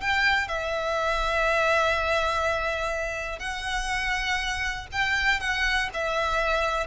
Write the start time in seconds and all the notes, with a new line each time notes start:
0.00 G5
0.48 E5
3.39 F#5
4.92 G5
5.40 F#5
5.93 E5